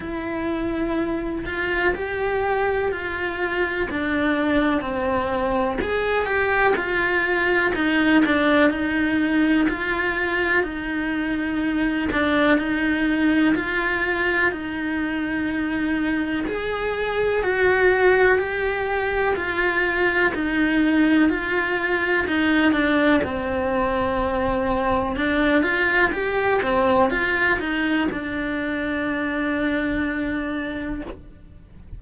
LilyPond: \new Staff \with { instrumentName = "cello" } { \time 4/4 \tempo 4 = 62 e'4. f'8 g'4 f'4 | d'4 c'4 gis'8 g'8 f'4 | dis'8 d'8 dis'4 f'4 dis'4~ | dis'8 d'8 dis'4 f'4 dis'4~ |
dis'4 gis'4 fis'4 g'4 | f'4 dis'4 f'4 dis'8 d'8 | c'2 d'8 f'8 g'8 c'8 | f'8 dis'8 d'2. | }